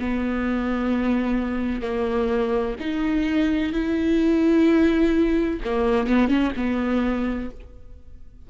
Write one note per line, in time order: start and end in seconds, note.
0.00 1.82 B3
1.82 2.76 A#3
2.80 3.73 D#4
3.73 5.60 E4
5.65 6.08 A#3
6.08 6.29 B3
6.29 6.52 C#4
6.57 7.50 B3